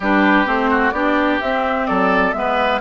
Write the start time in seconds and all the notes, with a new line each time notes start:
0.00 G3 D4 G4 B4
0.45 A3 C4 C5
0.70 F#4
0.90 B3 D4 G4 D5
1.40 C4 E5
1.86 F#3 A4 D5
2.32 G#3 B3 B4 E5